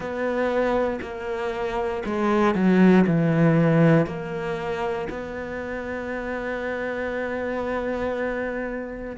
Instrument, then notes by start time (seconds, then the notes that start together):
cello
0.00 B3
1.01 A#3
2.05 G#3
2.54 F#3
3.06 E3
4.06 A#3
5.09 B3